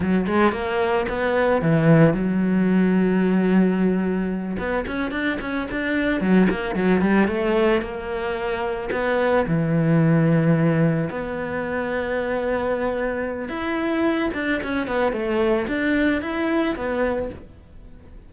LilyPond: \new Staff \with { instrumentName = "cello" } { \time 4/4 \tempo 4 = 111 fis8 gis8 ais4 b4 e4 | fis1~ | fis8 b8 cis'8 d'8 cis'8 d'4 fis8 | ais8 fis8 g8 a4 ais4.~ |
ais8 b4 e2~ e8~ | e8 b2.~ b8~ | b4 e'4. d'8 cis'8 b8 | a4 d'4 e'4 b4 | }